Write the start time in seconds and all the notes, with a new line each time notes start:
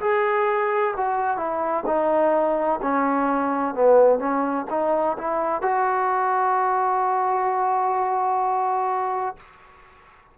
0.00 G#4
0.96 F#4
1.37 E4
1.86 D#4
2.82 C#4
3.75 B3
4.19 C#4
4.70 D#4
5.17 E4
5.61 F#4